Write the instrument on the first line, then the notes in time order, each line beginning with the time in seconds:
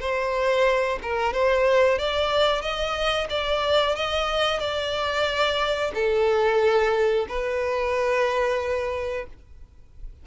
violin
0.00 C5
1.03 A#4
1.33 C5
1.99 D5
2.62 D#5
3.30 D5
3.96 D#5
4.60 D5
5.95 A4
7.29 B4